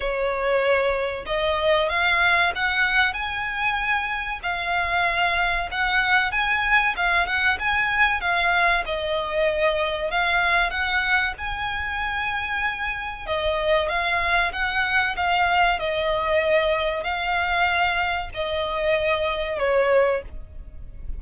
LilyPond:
\new Staff \with { instrumentName = "violin" } { \time 4/4 \tempo 4 = 95 cis''2 dis''4 f''4 | fis''4 gis''2 f''4~ | f''4 fis''4 gis''4 f''8 fis''8 | gis''4 f''4 dis''2 |
f''4 fis''4 gis''2~ | gis''4 dis''4 f''4 fis''4 | f''4 dis''2 f''4~ | f''4 dis''2 cis''4 | }